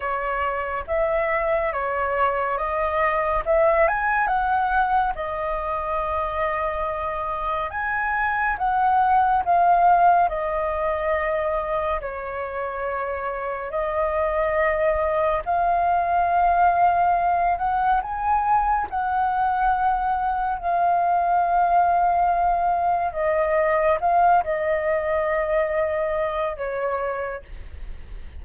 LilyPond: \new Staff \with { instrumentName = "flute" } { \time 4/4 \tempo 4 = 70 cis''4 e''4 cis''4 dis''4 | e''8 gis''8 fis''4 dis''2~ | dis''4 gis''4 fis''4 f''4 | dis''2 cis''2 |
dis''2 f''2~ | f''8 fis''8 gis''4 fis''2 | f''2. dis''4 | f''8 dis''2~ dis''8 cis''4 | }